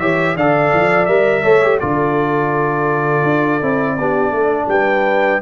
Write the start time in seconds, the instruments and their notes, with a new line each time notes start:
0.00 tuba E3, trombone G4, horn C#5, trumpet E5
0.36 tuba D3, trombone A4, horn D5, trumpet F5
0.74 tuba F3
1.06 tuba G3, trombone A#4, trumpet E5
1.43 tuba A3, trombone A4, horn C#5
1.63 trombone G4
1.80 tuba D3, trombone F4, horn A4, trumpet D5
3.23 tuba D4
3.62 tuba C4, trombone E4
3.99 tuba B3, trombone D4, horn G4
4.31 tuba A3, horn A4
4.68 tuba G3, horn B4, trumpet G5